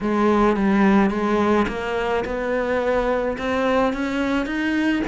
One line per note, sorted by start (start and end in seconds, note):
0.00 0.56 G#3
0.56 1.10 G3
1.10 1.66 G#3
1.68 2.24 A#3
2.25 3.37 B3
3.38 3.93 C4
3.93 4.46 C#4
4.46 5.02 D#4